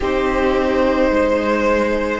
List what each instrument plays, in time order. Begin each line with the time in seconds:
0.00 cello C4, viola D#4, violin G4 C5
1.10 cello G#3, violin C5